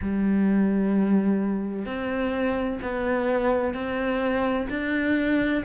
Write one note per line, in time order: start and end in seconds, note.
0.01 1.85 G3
1.85 2.79 C4
2.81 3.74 B3
3.74 4.67 C4
4.69 5.63 D4